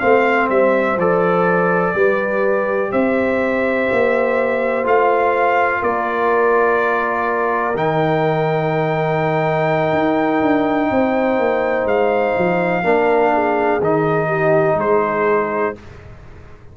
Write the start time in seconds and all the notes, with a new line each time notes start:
0.00 A3 C4 C5 F5
0.50 G3 E5
0.97 F3 A4 D5
1.95 G3 G4 B4
2.91 C4 C5 E5
3.92 A#3
4.84 A3 F4 F5
5.81 A#3 A#4 D5
7.75 D#3 D#4 G5
9.93 D#4
10.42 D4
10.91 C4 C5
11.39 A#3
11.85 G#3 F5
12.38 F3
12.84 A#3 D4 A#4
13.34 G#4
13.80 D#3 D#4 D#5
14.27 G4
14.75 G#3 G#4 C5